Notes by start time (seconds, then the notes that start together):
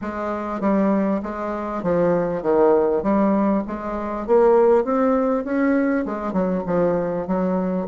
0.01 G#3
0.60 G3
1.22 G#3
1.82 F3
2.42 D#3
3.02 G3
3.67 G#3
4.26 A#3
4.84 C4
5.44 C#4
6.05 G#3
6.33 F#3
6.66 F3
7.27 F#3